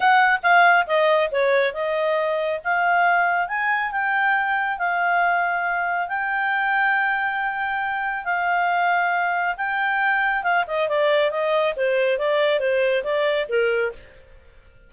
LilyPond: \new Staff \with { instrumentName = "clarinet" } { \time 4/4 \tempo 4 = 138 fis''4 f''4 dis''4 cis''4 | dis''2 f''2 | gis''4 g''2 f''4~ | f''2 g''2~ |
g''2. f''4~ | f''2 g''2 | f''8 dis''8 d''4 dis''4 c''4 | d''4 c''4 d''4 ais'4 | }